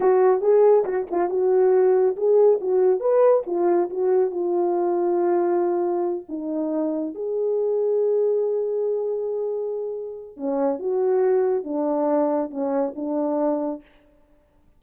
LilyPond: \new Staff \with { instrumentName = "horn" } { \time 4/4 \tempo 4 = 139 fis'4 gis'4 fis'8 f'8 fis'4~ | fis'4 gis'4 fis'4 b'4 | f'4 fis'4 f'2~ | f'2~ f'8 dis'4.~ |
dis'8 gis'2.~ gis'8~ | gis'1 | cis'4 fis'2 d'4~ | d'4 cis'4 d'2 | }